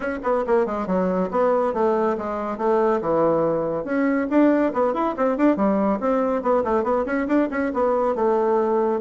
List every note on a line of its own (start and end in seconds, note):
0.00 0.18 C#4
0.23 0.44 B3
0.46 0.65 A#3
0.65 0.86 G#3
0.86 1.29 F#3
1.30 1.73 B3
1.73 2.16 A3
2.17 2.57 G#3
2.57 3.00 A3
3.01 3.84 E3
3.84 4.27 C#4
4.30 4.72 D4
4.73 4.93 B3
4.93 5.15 E4
5.16 5.37 C4
5.37 5.56 D4
5.56 5.99 G3
5.99 6.42 C4
6.42 6.63 B3
6.64 6.83 A3
6.83 7.05 B3
7.05 7.27 C#4
7.27 7.49 D4
7.50 7.72 C#4
7.73 8.15 B3
8.15 9.00 A3